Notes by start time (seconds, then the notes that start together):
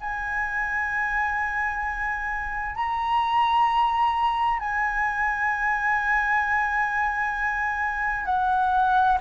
0.00 G#5
2.75 A#5
4.59 G#5
8.25 F#5